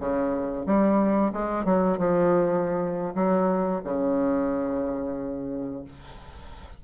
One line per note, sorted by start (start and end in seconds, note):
0.00 0.66 C#3
0.66 1.33 G3
1.33 1.65 G#3
1.65 1.98 F#3
1.98 3.15 F3
3.15 3.82 F#3
3.84 5.84 C#3